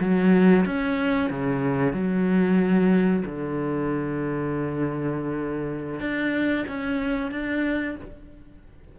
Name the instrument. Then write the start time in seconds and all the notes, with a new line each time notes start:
cello
0.00 F#3
0.66 C#4
1.30 C#3
1.93 F#3
3.26 D3
6.00 D4
6.68 C#4
7.31 D4